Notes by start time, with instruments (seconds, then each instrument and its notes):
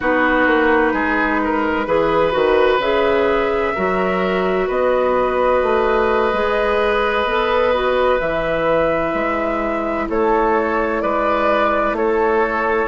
0.00 bassoon B3, clarinet D#4, oboe F#4, flute B4
0.46 bassoon A#3
0.93 bassoon G#3, oboe G#4
1.44 oboe A#4
1.86 bassoon E3, clarinet G#4, oboe B4
2.31 bassoon D#3, clarinet F#4
2.78 bassoon C#3, clarinet G#4, flute E5
3.74 bassoon F#3, clarinet F#4, oboe A#4
4.67 bassoon B3, oboe B4, flute D#5
5.62 bassoon A3
6.32 bassoon G#3, clarinet G#4
7.24 bassoon B3, clarinet A4
7.74 clarinet F#4
8.18 bassoon E3, clarinet E4, flute E5
9.14 bassoon G#3
10.09 bassoon A3, oboe A4, flute C#5
11.01 bassoon G#3, oboe B4, flute D5
11.92 bassoon A3, oboe A4, flute C#5